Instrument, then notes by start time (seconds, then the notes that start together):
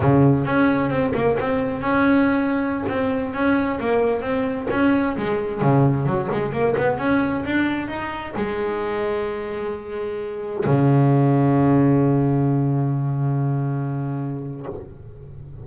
double bass
0.00 C#3
0.45 C#4
0.90 C4
1.14 A#3
1.39 C4
1.81 C#4
2.88 C4
3.33 C#4
3.80 A#3
4.21 C4
4.70 C#4
5.16 G#3
5.61 C#3
6.06 F#3
6.31 G#3
6.52 A#3
6.77 B3
6.98 C#4
7.45 D4
7.87 D#4
8.36 G#3
10.65 C#3